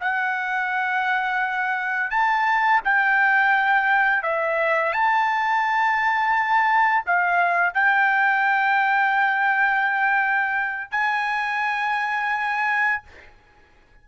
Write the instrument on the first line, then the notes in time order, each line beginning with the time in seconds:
trumpet
0.00 F#5
2.10 A5
2.84 G5
4.23 E5
4.93 A5
7.06 F5
7.74 G5
10.91 G#5